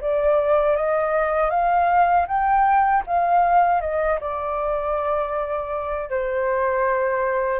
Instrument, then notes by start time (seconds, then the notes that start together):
flute
0.00 D5
0.76 D#5
1.50 F5
2.27 G5
3.06 F5
3.80 D#5
4.20 D5
6.10 C5